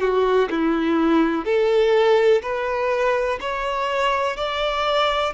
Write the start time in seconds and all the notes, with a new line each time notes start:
0.00 F#4
0.50 E4
1.45 A4
2.42 B4
3.40 C#5
4.36 D5